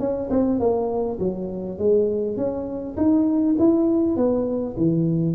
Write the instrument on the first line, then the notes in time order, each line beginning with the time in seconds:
tuba
0.00 C#4
0.31 C4
0.60 A#3
1.20 F#3
1.79 G#3
2.37 C#4
2.97 D#4
3.59 E4
4.17 B3
4.77 E3